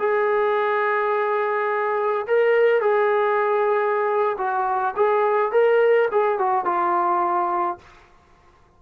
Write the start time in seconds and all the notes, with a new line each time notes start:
0.00 G#4
2.27 A#4
2.81 G#4
4.38 F#4
4.97 G#4
5.52 A#4
6.12 G#4
6.39 F#4
6.65 F4